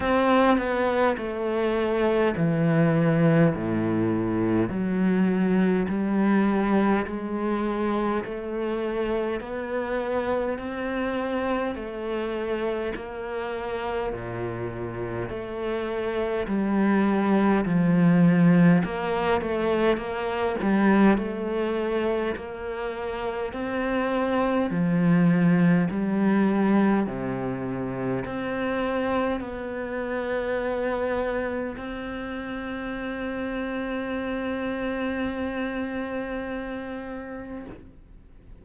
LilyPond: \new Staff \with { instrumentName = "cello" } { \time 4/4 \tempo 4 = 51 c'8 b8 a4 e4 a,4 | fis4 g4 gis4 a4 | b4 c'4 a4 ais4 | ais,4 a4 g4 f4 |
ais8 a8 ais8 g8 a4 ais4 | c'4 f4 g4 c4 | c'4 b2 c'4~ | c'1 | }